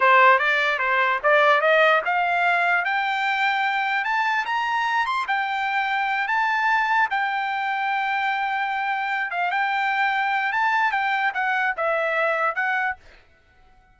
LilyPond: \new Staff \with { instrumentName = "trumpet" } { \time 4/4 \tempo 4 = 148 c''4 d''4 c''4 d''4 | dis''4 f''2 g''4~ | g''2 a''4 ais''4~ | ais''8 c'''8 g''2~ g''8 a''8~ |
a''4. g''2~ g''8~ | g''2. f''8 g''8~ | g''2 a''4 g''4 | fis''4 e''2 fis''4 | }